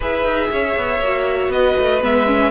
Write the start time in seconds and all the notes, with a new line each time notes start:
0.00 E4 G#4 B4 E5
0.24 D#4
0.50 C#4 C#5
0.76 B3
1.00 A#3 F#4
1.48 B3 B4 D#5
1.78 A3
2.01 G#3 B3 E5
2.26 C#4